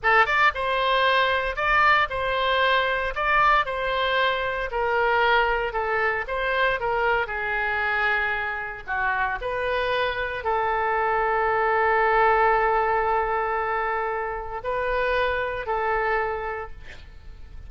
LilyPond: \new Staff \with { instrumentName = "oboe" } { \time 4/4 \tempo 4 = 115 a'8 d''8 c''2 d''4 | c''2 d''4 c''4~ | c''4 ais'2 a'4 | c''4 ais'4 gis'2~ |
gis'4 fis'4 b'2 | a'1~ | a'1 | b'2 a'2 | }